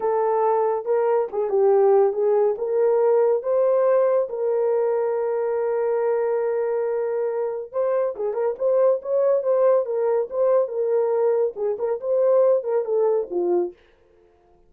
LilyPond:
\new Staff \with { instrumentName = "horn" } { \time 4/4 \tempo 4 = 140 a'2 ais'4 gis'8 g'8~ | g'4 gis'4 ais'2 | c''2 ais'2~ | ais'1~ |
ais'2 c''4 gis'8 ais'8 | c''4 cis''4 c''4 ais'4 | c''4 ais'2 gis'8 ais'8 | c''4. ais'8 a'4 f'4 | }